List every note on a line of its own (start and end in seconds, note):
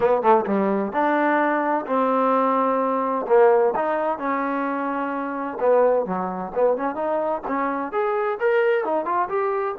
0.00 0.22 B3
0.22 0.45 A3
0.45 0.92 G3
0.92 1.85 D4
1.86 3.26 C4
3.27 3.73 A#3
3.75 4.18 D#4
4.18 5.58 C#4
5.59 6.05 B3
6.05 6.52 F#3
6.55 6.77 B3
6.77 6.95 C#4
6.95 7.41 D#4
7.47 7.92 C#4
7.92 8.38 G#4
8.40 8.84 A#4
8.84 9.05 D#4
9.05 9.28 F4
9.28 9.75 G4